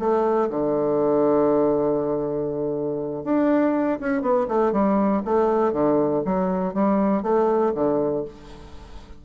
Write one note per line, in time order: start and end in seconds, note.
0.00 0.50 A3
0.50 3.24 D3
3.24 3.99 D4
4.00 4.22 C#4
4.22 4.47 B3
4.49 4.73 A3
4.73 5.22 G3
5.25 5.73 A3
5.73 6.23 D3
6.26 6.74 F#3
6.74 7.23 G3
7.23 7.73 A3
7.75 8.25 D3